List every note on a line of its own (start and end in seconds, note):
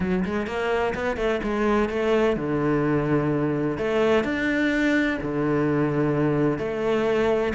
0.00 0.24 F#3
0.24 0.46 G#3
0.46 0.93 A#3
0.94 1.17 B3
1.17 1.40 A3
1.43 1.89 G#3
1.89 2.36 A3
2.36 3.77 D3
3.77 4.23 A3
4.23 5.18 D4
5.21 6.58 D3
6.58 7.53 A3